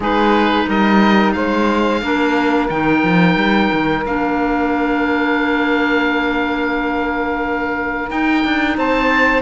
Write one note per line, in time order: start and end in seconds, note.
0.00 0.66 G#3
0.00 2.02 D#4
0.00 0.65 G#4
0.00 0.69 B4
0.67 1.35 G3
0.67 1.34 A#4
0.67 1.32 D#5
1.32 2.02 G#3
1.32 2.03 C5
1.32 2.67 F5
2.02 2.69 A#3
2.02 2.69 D4
2.02 8.77 A#4
2.69 3.03 D#3
2.69 4.05 D#4
2.69 4.04 G5
3.03 3.35 F3
3.35 3.69 G3
3.72 4.06 D#3
4.05 8.10 A#3
4.05 8.09 D4
4.05 8.10 F5
8.09 9.42 D#4
8.09 8.44 D#4
8.09 8.77 G5
8.44 8.77 D4
8.77 9.42 C4
8.77 9.42 C5
8.77 9.42 A5